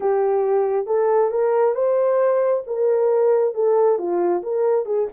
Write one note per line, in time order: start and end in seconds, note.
0.00 0.86 G4
0.86 1.30 A4
1.30 1.74 A#4
1.74 2.63 C5
2.67 3.54 A#4
3.54 3.98 A4
3.98 4.42 F4
4.43 4.85 A#4
4.85 5.07 G#4